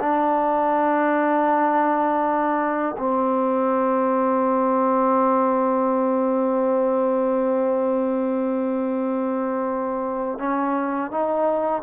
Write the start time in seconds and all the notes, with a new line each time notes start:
0.00 D4
2.99 C4
10.39 C#4
11.11 D#4